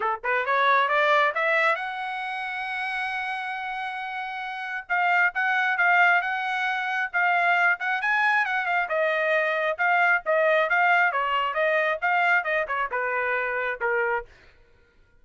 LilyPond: \new Staff \with { instrumentName = "trumpet" } { \time 4/4 \tempo 4 = 135 a'8 b'8 cis''4 d''4 e''4 | fis''1~ | fis''2. f''4 | fis''4 f''4 fis''2 |
f''4. fis''8 gis''4 fis''8 f''8 | dis''2 f''4 dis''4 | f''4 cis''4 dis''4 f''4 | dis''8 cis''8 b'2 ais'4 | }